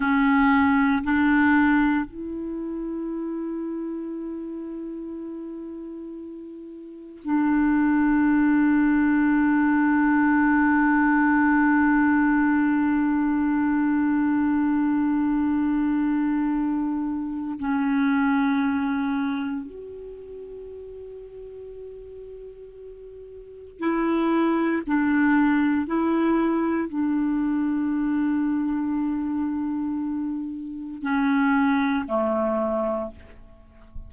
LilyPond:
\new Staff \with { instrumentName = "clarinet" } { \time 4/4 \tempo 4 = 58 cis'4 d'4 e'2~ | e'2. d'4~ | d'1~ | d'1~ |
d'4 cis'2 fis'4~ | fis'2. e'4 | d'4 e'4 d'2~ | d'2 cis'4 a4 | }